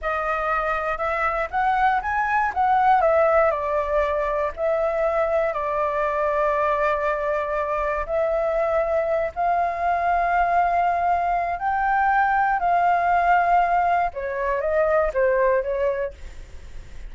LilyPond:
\new Staff \with { instrumentName = "flute" } { \time 4/4 \tempo 4 = 119 dis''2 e''4 fis''4 | gis''4 fis''4 e''4 d''4~ | d''4 e''2 d''4~ | d''1 |
e''2~ e''8 f''4.~ | f''2. g''4~ | g''4 f''2. | cis''4 dis''4 c''4 cis''4 | }